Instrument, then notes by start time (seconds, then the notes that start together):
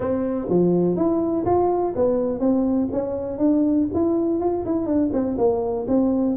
tuba
0.00 C4
0.49 F3
0.96 E4
1.45 F4
1.95 B3
2.39 C4
2.92 C#4
3.37 D4
3.94 E4
4.39 F4
4.65 E4
4.86 D4
5.12 C4
5.37 A#3
5.87 C4